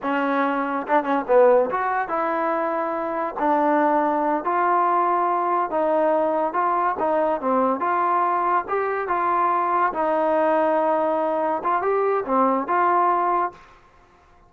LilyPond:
\new Staff \with { instrumentName = "trombone" } { \time 4/4 \tempo 4 = 142 cis'2 d'8 cis'8 b4 | fis'4 e'2. | d'2~ d'8 f'4.~ | f'4. dis'2 f'8~ |
f'8 dis'4 c'4 f'4.~ | f'8 g'4 f'2 dis'8~ | dis'2.~ dis'8 f'8 | g'4 c'4 f'2 | }